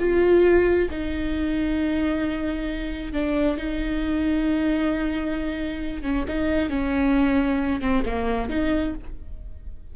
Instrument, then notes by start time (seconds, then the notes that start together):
viola
0.00 F4
0.91 D#4
3.13 D4
3.57 D#4
6.03 C#4
6.28 D#4
6.70 C#4
7.81 C4
8.06 A#3
8.50 D#4